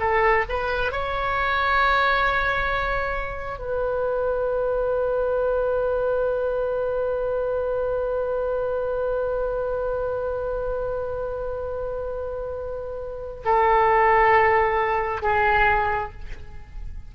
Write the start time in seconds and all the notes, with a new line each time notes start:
0.00 A4
0.49 B4
0.92 C#5
3.59 B4
13.45 A4
15.22 G#4